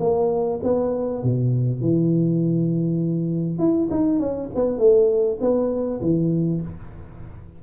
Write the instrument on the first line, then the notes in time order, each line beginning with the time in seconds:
tuba
0.00 A#3
0.63 B3
1.23 B2
1.81 E3
3.59 E4
3.91 D#4
4.19 C#4
4.55 B3
4.79 A3
5.41 B3
6.01 E3